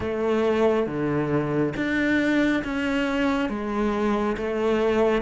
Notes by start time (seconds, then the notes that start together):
0.00 A3
0.86 D3
1.76 D4
2.64 C#4
3.49 G#3
4.37 A3